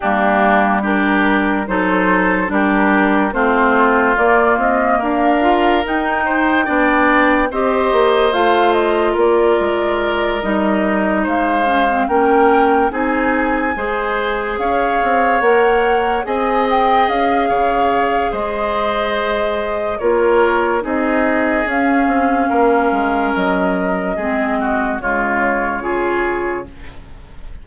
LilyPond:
<<
  \new Staff \with { instrumentName = "flute" } { \time 4/4 \tempo 4 = 72 g'4 ais'4 c''4 ais'4 | c''4 d''8 dis''8 f''4 g''4~ | g''4 dis''4 f''8 dis''8 d''4~ | d''8 dis''4 f''4 g''4 gis''8~ |
gis''4. f''4 fis''4 gis''8 | g''8 f''4. dis''2 | cis''4 dis''4 f''2 | dis''2 cis''2 | }
  \new Staff \with { instrumentName = "oboe" } { \time 4/4 d'4 g'4 a'4 g'4 | f'2 ais'4. c''8 | d''4 c''2 ais'4~ | ais'4. c''4 ais'4 gis'8~ |
gis'8 c''4 cis''2 dis''8~ | dis''4 cis''4 c''2 | ais'4 gis'2 ais'4~ | ais'4 gis'8 fis'8 f'4 gis'4 | }
  \new Staff \with { instrumentName = "clarinet" } { \time 4/4 ais4 d'4 dis'4 d'4 | c'4 ais4. f'8 dis'4 | d'4 g'4 f'2~ | f'8 dis'4. cis'16 c'16 cis'4 dis'8~ |
dis'8 gis'2 ais'4 gis'8~ | gis'1 | f'4 dis'4 cis'2~ | cis'4 c'4 gis4 f'4 | }
  \new Staff \with { instrumentName = "bassoon" } { \time 4/4 g2 fis4 g4 | a4 ais8 c'8 d'4 dis'4 | b4 c'8 ais8 a4 ais8 gis8~ | gis8 g4 gis4 ais4 c'8~ |
c'8 gis4 cis'8 c'8 ais4 c'8~ | c'8 cis'8 cis4 gis2 | ais4 c'4 cis'8 c'8 ais8 gis8 | fis4 gis4 cis2 | }
>>